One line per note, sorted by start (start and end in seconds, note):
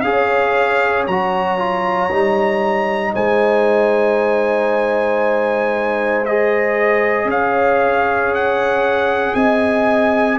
0.00 1.06 C#4
0.00 1.07 G#4
0.00 1.03 F5
0.06 3.13 C#5
1.07 2.11 F#3
1.07 1.58 F#4
1.07 3.14 A#5
1.58 2.10 F4
2.11 3.14 G3
2.11 6.26 D#4
3.13 7.25 G#3
3.13 7.27 C5
3.13 6.25 G#5
6.25 10.39 G#4
6.25 7.29 D#5
7.25 9.31 C#4
7.25 9.35 C#5
7.31 8.34 F5
8.34 9.34 F#5
9.34 10.38 C4
9.34 10.39 D#5
9.34 10.38 G#5